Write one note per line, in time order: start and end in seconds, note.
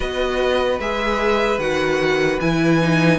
0.00 0.79 B3
0.00 0.79 F#4
0.00 3.17 B4
0.00 0.79 D#5
0.79 1.58 G#3
0.79 1.60 G#4
0.79 1.59 E5
1.58 2.38 D#3
1.58 2.40 F#4
1.58 2.39 F#5
2.40 3.18 E3
2.40 2.81 E4
2.40 3.18 G#5
2.81 3.18 D#4